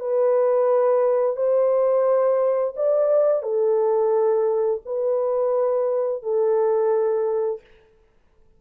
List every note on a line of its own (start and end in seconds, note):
0.00 1.36 B4
1.36 2.74 C5
2.76 3.43 D5
3.43 4.81 A4
4.86 6.23 B4
6.23 7.61 A4